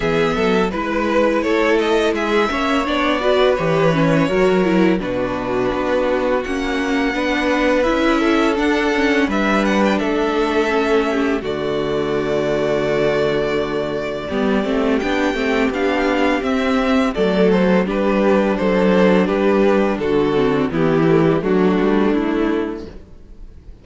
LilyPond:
<<
  \new Staff \with { instrumentName = "violin" } { \time 4/4 \tempo 4 = 84 e''4 b'4 cis''8 dis''8 e''4 | d''4 cis''2 b'4~ | b'4 fis''2 e''4 | fis''4 e''8 fis''16 g''16 e''2 |
d''1~ | d''4 g''4 f''4 e''4 | d''8 c''8 b'4 c''4 b'4 | a'4 g'4 fis'4 e'4 | }
  \new Staff \with { instrumentName = "violin" } { \time 4/4 gis'8 a'8 b'4 a'4 gis'8 cis''8~ | cis''8 b'4. ais'4 fis'4~ | fis'2 b'4. a'8~ | a'4 b'4 a'4. g'8 |
fis'1 | g'1 | a'4 g'4 a'4 g'4 | fis'4 e'4 d'2 | }
  \new Staff \with { instrumentName = "viola" } { \time 4/4 b4 e'2~ e'8 cis'8 | d'8 fis'8 g'8 cis'8 fis'8 e'8 d'4~ | d'4 cis'4 d'4 e'4 | d'8 cis'8 d'2 cis'4 |
a1 | b8 c'8 d'8 c'8 d'4 c'4 | a4 d'2.~ | d'8 c'8 b8 a16 g16 a2 | }
  \new Staff \with { instrumentName = "cello" } { \time 4/4 e8 fis8 gis4 a4 gis8 ais8 | b4 e4 fis4 b,4 | b4 ais4 b4 cis'4 | d'4 g4 a2 |
d1 | g8 a8 b8 a8 b4 c'4 | fis4 g4 fis4 g4 | d4 e4 fis8 g8 a4 | }
>>